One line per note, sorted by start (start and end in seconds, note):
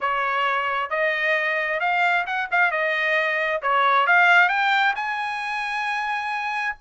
0.00 0.90 C#5
0.90 1.80 D#5
1.80 2.25 F5
2.26 2.49 F#5
2.51 2.71 F5
2.71 3.61 D#5
3.62 4.07 C#5
4.07 4.48 F5
4.48 4.94 G5
4.95 6.75 G#5